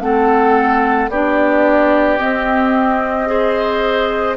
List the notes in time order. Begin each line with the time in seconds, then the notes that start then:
0.00 A3 C4 A4 F#5
1.08 B3 D4 G4 D5
2.17 C4 D#5
3.26 G#4 C5